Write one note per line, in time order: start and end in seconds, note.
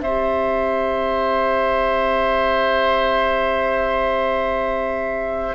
0.00 5.55 C4
0.00 5.55 G4
0.00 5.55 C5
0.00 5.55 E5